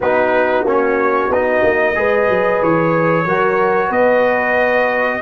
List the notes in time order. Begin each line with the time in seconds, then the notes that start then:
0.00 B3 D#4 F#4 B4
0.63 A#3 C#4 C#5
1.29 B3 D#4 D#5
1.62 A#3
1.94 G#3 G#4 B4
2.28 F#3
2.62 E3 C#5
3.25 F#3 F#4 A#4
3.88 B3 B4 D#5